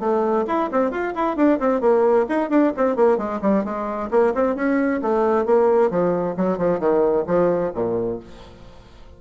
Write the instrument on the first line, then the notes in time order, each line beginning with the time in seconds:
bassoon
0.00 A3
0.48 E4
0.72 C4
0.91 F4
1.16 E4
1.37 D4
1.60 C4
1.81 A#3
2.29 D#4
2.50 D4
2.77 C4
2.96 A#3
3.18 G#3
3.42 G3
3.65 G#3
4.11 A#3
4.35 C4
4.56 C#4
5.02 A3
5.46 A#3
5.90 F3
6.37 F#3
6.58 F3
6.80 D#3
7.27 F3
7.75 A#2